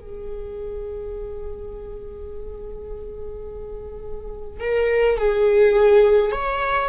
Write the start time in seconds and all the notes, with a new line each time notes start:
0.00 G#4
4.60 A#4
5.18 G#4
6.32 C#5